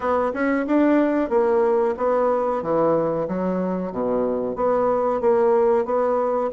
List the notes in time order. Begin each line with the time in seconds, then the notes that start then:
0.00 B3
0.33 C#4
0.66 D4
1.29 A#3
1.97 B3
2.62 E3
3.28 F#3
3.91 B2
4.55 B3
5.21 A#3
5.85 B3